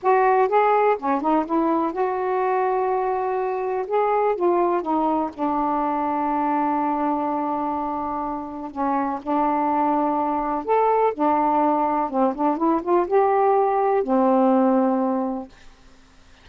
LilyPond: \new Staff \with { instrumentName = "saxophone" } { \time 4/4 \tempo 4 = 124 fis'4 gis'4 cis'8 dis'8 e'4 | fis'1 | gis'4 f'4 dis'4 d'4~ | d'1~ |
d'2 cis'4 d'4~ | d'2 a'4 d'4~ | d'4 c'8 d'8 e'8 f'8 g'4~ | g'4 c'2. | }